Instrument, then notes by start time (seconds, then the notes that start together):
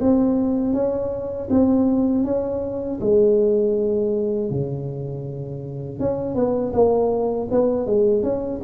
tuba
0.00 C4
0.73 C#4
1.50 C4
2.24 C#4
3.00 G#3
4.50 C#3
5.99 C#4
6.34 B3
6.73 A#3
7.51 B3
7.86 G#3
8.23 C#4